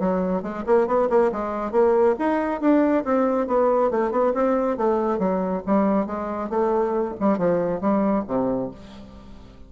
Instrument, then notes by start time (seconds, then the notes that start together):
bassoon
0.00 F#3
0.43 G#3
0.67 A#3
0.88 B3
1.10 A#3
1.32 G#3
1.72 A#3
2.19 D#4
2.61 D4
3.05 C4
3.48 B3
3.91 A3
4.11 B3
4.34 C4
4.78 A3
5.19 F#3
5.67 G3
6.07 G#3
6.50 A3
7.21 G3
7.38 F3
7.81 G3
8.28 C3